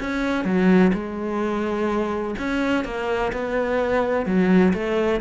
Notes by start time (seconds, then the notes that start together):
0.00 C#4
0.44 F#3
0.93 G#3
2.38 C#4
2.85 A#3
3.32 B3
4.26 F#3
4.73 A3